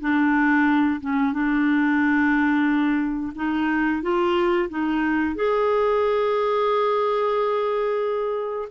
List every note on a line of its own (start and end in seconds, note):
0.00 1.00 D4
1.00 1.33 C#4
1.33 3.33 D4
3.35 4.02 D#4
4.02 4.68 F4
4.69 5.35 D#4
5.35 8.68 G#4